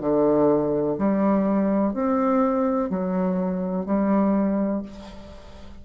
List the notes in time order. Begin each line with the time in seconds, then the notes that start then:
0.00 D3
0.98 G3
1.94 C4
2.89 F#3
3.86 G3